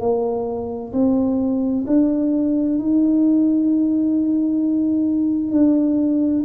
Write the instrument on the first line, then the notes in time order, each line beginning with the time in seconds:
tuba
0.00 A#3
0.93 C4
1.87 D4
2.79 D#4
5.51 D4